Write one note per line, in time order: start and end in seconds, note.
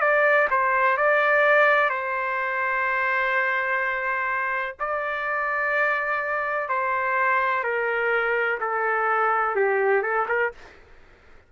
0.00 0.48 D5
0.50 0.97 C5
0.97 1.89 D5
1.89 4.75 C5
4.79 6.68 D5
6.68 7.64 C5
7.64 8.59 A#4
8.60 9.55 A4
9.55 10.02 G4
10.02 10.26 A4
10.28 10.52 A#4